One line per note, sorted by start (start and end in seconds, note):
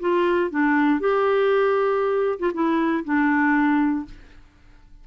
0.00 0.50 F4
0.50 1.00 D4
1.00 2.39 G4
2.39 2.52 F4
2.53 3.04 E4
3.04 4.05 D4